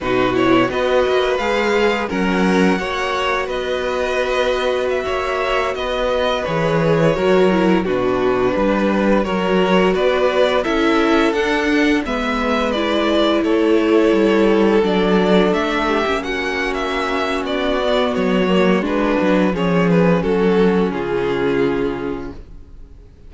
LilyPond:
<<
  \new Staff \with { instrumentName = "violin" } { \time 4/4 \tempo 4 = 86 b'8 cis''8 dis''4 f''4 fis''4~ | fis''4 dis''2 e''4~ | e''16 dis''4 cis''2 b'8.~ | b'4~ b'16 cis''4 d''4 e''8.~ |
e''16 fis''4 e''4 d''4 cis''8.~ | cis''4~ cis''16 d''4 e''4 fis''8. | e''4 d''4 cis''4 b'4 | cis''8 b'8 a'4 gis'2 | }
  \new Staff \with { instrumentName = "violin" } { \time 4/4 fis'4 b'2 ais'4 | cis''4 b'2~ b'16 cis''8.~ | cis''16 b'2 ais'4 fis'8.~ | fis'16 b'4 ais'4 b'4 a'8.~ |
a'4~ a'16 b'2 a'8.~ | a'2~ a'8. g'8 fis'8.~ | fis'1 | gis'4 fis'4 f'2 | }
  \new Staff \with { instrumentName = "viola" } { \time 4/4 dis'8 e'8 fis'4 gis'4 cis'4 | fis'1~ | fis'4~ fis'16 gis'4 fis'8 e'8 d'8.~ | d'4~ d'16 fis'2 e'8.~ |
e'16 d'4 b4 e'4.~ e'16~ | e'4~ e'16 d'4.~ d'16 cis'4~ | cis'4. b4 ais8 d'4 | cis'1 | }
  \new Staff \with { instrumentName = "cello" } { \time 4/4 b,4 b8 ais8 gis4 fis4 | ais4 b2~ b16 ais8.~ | ais16 b4 e4 fis4 b,8.~ | b,16 g4 fis4 b4 cis'8.~ |
cis'16 d'4 gis2 a8.~ | a16 g4 fis4 a8. ais4~ | ais4 b4 fis4 gis8 fis8 | f4 fis4 cis2 | }
>>